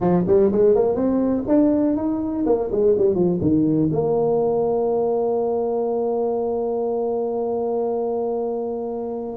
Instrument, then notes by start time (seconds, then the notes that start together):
tuba
0.00 F3
0.27 G3
0.52 G#3
0.75 A#3
0.95 C4
1.47 D4
1.96 D#4
2.45 A#3
2.71 G#3
2.98 G3
3.15 F3
3.41 D#3
3.92 A#3